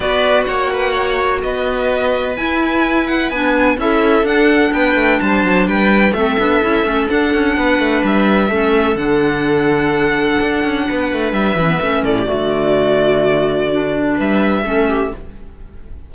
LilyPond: <<
  \new Staff \with { instrumentName = "violin" } { \time 4/4 \tempo 4 = 127 d''4 fis''2 dis''4~ | dis''4 gis''4. fis''8 gis''4 | e''4 fis''4 g''4 a''4 | g''4 e''2 fis''4~ |
fis''4 e''2 fis''4~ | fis''1 | e''4. d''2~ d''8~ | d''2 e''2 | }
  \new Staff \with { instrumentName = "viola" } { \time 4/4 b'4 cis''8 b'8 cis''4 b'4~ | b'1 | a'2 b'4 c''4 | b'4 a'2. |
b'2 a'2~ | a'2. b'4~ | b'4. a'16 g'16 fis'2~ | fis'2 b'4 a'8 g'8 | }
  \new Staff \with { instrumentName = "clarinet" } { \time 4/4 fis'1~ | fis'4 e'2 d'4 | e'4 d'2.~ | d'4 c'8 d'8 e'8 cis'8 d'4~ |
d'2 cis'4 d'4~ | d'1~ | d'8 cis'16 b16 cis'4 a2~ | a4 d'2 cis'4 | }
  \new Staff \with { instrumentName = "cello" } { \time 4/4 b4 ais2 b4~ | b4 e'2 b4 | cis'4 d'4 b8 a8 g8 fis8 | g4 a8 b8 cis'8 a8 d'8 cis'8 |
b8 a8 g4 a4 d4~ | d2 d'8 cis'8 b8 a8 | g8 e8 a8 a,8 d2~ | d2 g4 a4 | }
>>